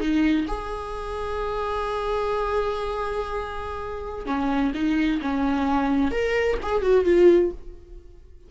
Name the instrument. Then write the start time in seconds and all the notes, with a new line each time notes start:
viola
0.00 D#4
0.48 G#4
4.26 C#4
4.74 D#4
5.22 C#4
6.11 A#4
6.62 G#4
6.82 F#4
7.05 F4